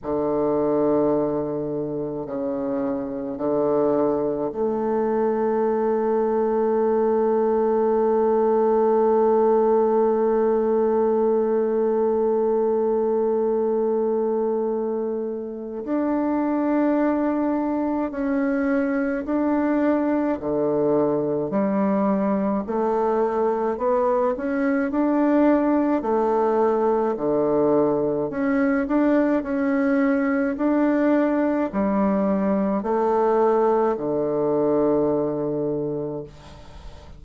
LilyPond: \new Staff \with { instrumentName = "bassoon" } { \time 4/4 \tempo 4 = 53 d2 cis4 d4 | a1~ | a1~ | a2 d'2 |
cis'4 d'4 d4 g4 | a4 b8 cis'8 d'4 a4 | d4 cis'8 d'8 cis'4 d'4 | g4 a4 d2 | }